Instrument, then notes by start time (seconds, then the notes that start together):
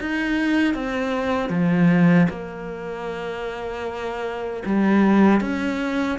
cello
0.00 D#4
0.74 C4
1.49 F3
2.29 A#3
4.65 G3
5.40 C#4